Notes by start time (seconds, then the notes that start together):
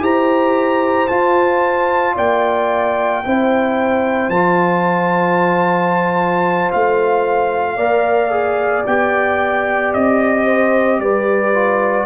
0.00 E4 G4 C5 A#5
1.08 F4 A5
2.14 A#3 D5 G5
3.25 C4 E4 C5
4.28 F3 F4 A5
6.72 A3 F5
7.75 A#3 A#4 D5
8.31 G#4
8.86 B3 G4 G5
9.94 C4 D#5
10.45 C5
10.99 G3 B4 D5
11.54 F4